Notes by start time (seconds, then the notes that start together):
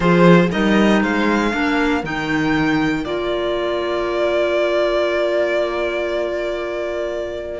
0.00 F3 F4 G#4 C5
0.50 G3 D#4 A#4 D#5
1.01 G#3 C5 F5
1.51 A#3 D4 A#4
2.02 D#3 D#4 G5
3.03 A#3 F4 D5